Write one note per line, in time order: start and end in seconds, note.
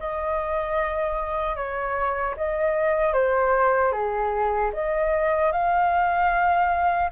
0.00 1.56 D#5
1.56 2.35 C#5
2.37 3.13 D#5
3.13 3.92 C5
3.93 4.72 G#4
4.74 5.52 D#5
5.52 7.10 F5